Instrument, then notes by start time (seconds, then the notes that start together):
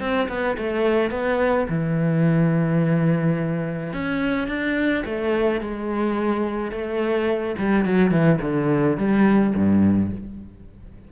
cello
0.00 C4
0.29 B3
0.58 A3
1.11 B3
1.69 E3
3.93 C#4
4.48 D4
5.06 A3
5.61 G#3
6.72 A3
7.58 G3
7.86 F#3
8.12 E3
8.42 D3
8.98 G3
9.56 G2